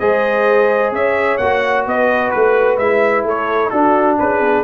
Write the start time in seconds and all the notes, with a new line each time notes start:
0.00 G#3 G#4 C5 D#5
0.92 C#4 C#5 E5
1.38 A#3 F#4 F#5
1.87 B3 B4 D#5
2.31 A3 B4
2.78 G#3 E4 E5
3.24 A3 A4 C#5
3.70 D4 F#4 A4
4.19 C#4 G#4 B4
4.41 B3